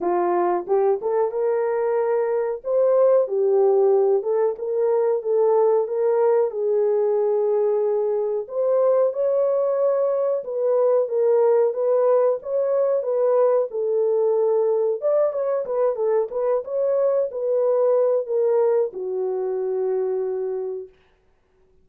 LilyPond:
\new Staff \with { instrumentName = "horn" } { \time 4/4 \tempo 4 = 92 f'4 g'8 a'8 ais'2 | c''4 g'4. a'8 ais'4 | a'4 ais'4 gis'2~ | gis'4 c''4 cis''2 |
b'4 ais'4 b'4 cis''4 | b'4 a'2 d''8 cis''8 | b'8 a'8 b'8 cis''4 b'4. | ais'4 fis'2. | }